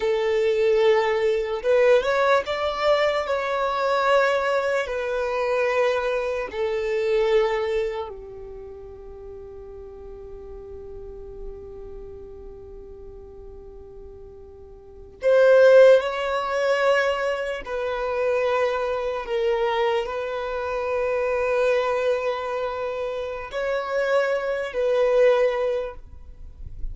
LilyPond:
\new Staff \with { instrumentName = "violin" } { \time 4/4 \tempo 4 = 74 a'2 b'8 cis''8 d''4 | cis''2 b'2 | a'2 g'2~ | g'1~ |
g'2~ g'8. c''4 cis''16~ | cis''4.~ cis''16 b'2 ais'16~ | ais'8. b'2.~ b'16~ | b'4 cis''4. b'4. | }